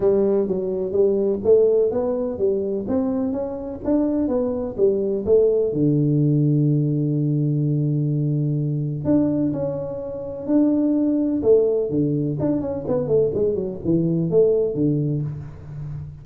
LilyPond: \new Staff \with { instrumentName = "tuba" } { \time 4/4 \tempo 4 = 126 g4 fis4 g4 a4 | b4 g4 c'4 cis'4 | d'4 b4 g4 a4 | d1~ |
d2. d'4 | cis'2 d'2 | a4 d4 d'8 cis'8 b8 a8 | gis8 fis8 e4 a4 d4 | }